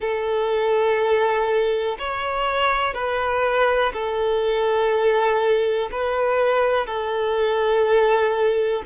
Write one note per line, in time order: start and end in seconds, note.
0.00 1.97 A4
1.99 2.94 C#5
2.94 3.92 B4
3.93 5.89 A4
5.92 6.86 B4
6.86 8.83 A4